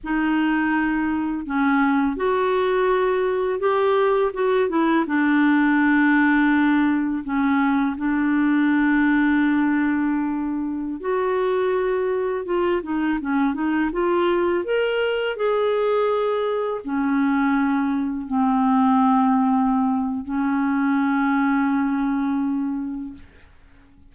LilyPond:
\new Staff \with { instrumentName = "clarinet" } { \time 4/4 \tempo 4 = 83 dis'2 cis'4 fis'4~ | fis'4 g'4 fis'8 e'8 d'4~ | d'2 cis'4 d'4~ | d'2.~ d'16 fis'8.~ |
fis'4~ fis'16 f'8 dis'8 cis'8 dis'8 f'8.~ | f'16 ais'4 gis'2 cis'8.~ | cis'4~ cis'16 c'2~ c'8. | cis'1 | }